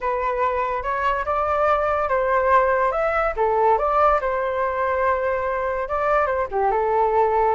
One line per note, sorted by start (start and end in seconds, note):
0.00 0.82 B4
0.82 1.24 C#5
1.25 2.08 D5
2.08 2.91 C5
2.91 3.33 E5
3.36 3.78 A4
3.78 4.20 D5
4.20 5.88 C5
5.88 6.26 D5
6.26 6.47 C5
6.51 6.71 G4
6.71 7.55 A4